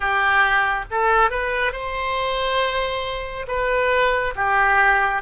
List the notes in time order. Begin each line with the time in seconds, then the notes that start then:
0.00 G4
0.91 A4
1.30 B4
1.72 C5
3.47 B4
4.35 G4